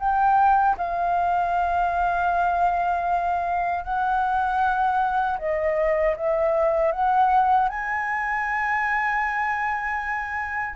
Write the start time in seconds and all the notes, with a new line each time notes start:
0.00 G5
0.78 F5
3.85 F#5
5.39 D#5
6.16 E5
6.92 F#5
7.69 G#5